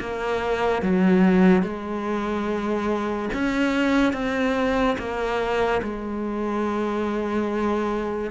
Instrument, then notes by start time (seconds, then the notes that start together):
cello
0.00 A#3
0.83 F#3
1.62 G#3
3.34 C#4
4.13 C4
4.98 A#3
5.83 G#3